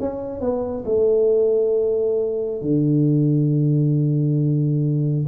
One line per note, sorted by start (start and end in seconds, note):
0.00 0.40 C#4
0.40 0.84 B3
0.85 2.61 A3
2.61 5.26 D3